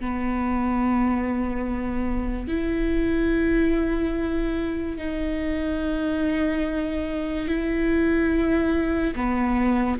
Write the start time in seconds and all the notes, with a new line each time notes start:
0.00 B3
2.48 E4
4.98 D#4
7.48 E4
9.16 B3